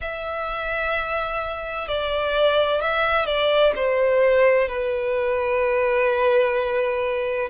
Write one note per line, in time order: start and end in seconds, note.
0.01 1.87 E5
1.87 2.81 D5
2.81 3.26 E5
3.26 3.72 D5
3.75 4.68 C5
4.68 7.49 B4